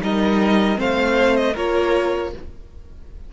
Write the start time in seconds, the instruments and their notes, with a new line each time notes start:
0.00 cello G3, viola D#4, violin A#4 D#5
0.75 cello A3, viola C4, violin C5 F5
1.36 violin D#5
1.53 cello A#3, viola F4, violin A#4 C#5